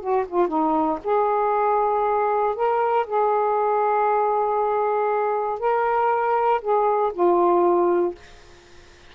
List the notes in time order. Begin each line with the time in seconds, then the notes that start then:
0.00 F#4
0.28 F4
0.48 D#4
1.04 G#4
2.55 A#4
3.07 G#4
5.59 A#4
6.61 G#4
7.13 F4